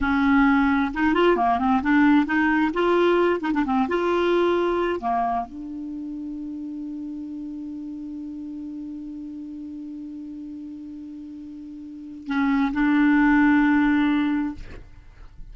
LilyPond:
\new Staff \with { instrumentName = "clarinet" } { \time 4/4 \tempo 4 = 132 cis'2 dis'8 f'8 ais8 c'8 | d'4 dis'4 f'4. dis'16 d'16 | c'8 f'2~ f'8 ais4 | d'1~ |
d'1~ | d'1~ | d'2. cis'4 | d'1 | }